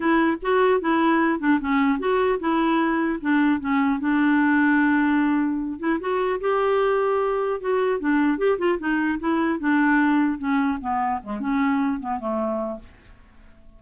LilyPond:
\new Staff \with { instrumentName = "clarinet" } { \time 4/4 \tempo 4 = 150 e'4 fis'4 e'4. d'8 | cis'4 fis'4 e'2 | d'4 cis'4 d'2~ | d'2~ d'8 e'8 fis'4 |
g'2. fis'4 | d'4 g'8 f'8 dis'4 e'4 | d'2 cis'4 b4 | gis8 cis'4. b8 a4. | }